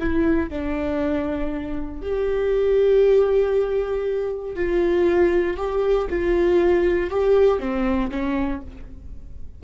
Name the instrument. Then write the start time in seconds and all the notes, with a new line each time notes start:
viola
0.00 E4
0.50 D4
2.02 G4
4.56 F4
5.57 G4
6.10 F4
7.10 G4
7.60 C4
8.11 C#4